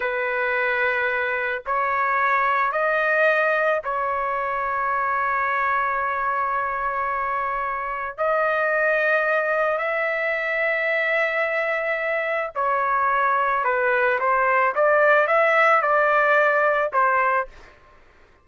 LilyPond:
\new Staff \with { instrumentName = "trumpet" } { \time 4/4 \tempo 4 = 110 b'2. cis''4~ | cis''4 dis''2 cis''4~ | cis''1~ | cis''2. dis''4~ |
dis''2 e''2~ | e''2. cis''4~ | cis''4 b'4 c''4 d''4 | e''4 d''2 c''4 | }